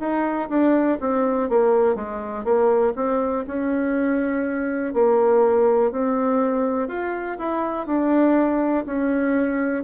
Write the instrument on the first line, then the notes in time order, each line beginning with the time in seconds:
bassoon
0.00 D#4
0.50 D4
1.01 C4
1.50 A#3
1.96 G#3
2.45 A#3
2.96 C4
3.48 C#4
4.94 A#3
5.92 C4
6.89 F4
7.39 E4
7.87 D4
8.86 C#4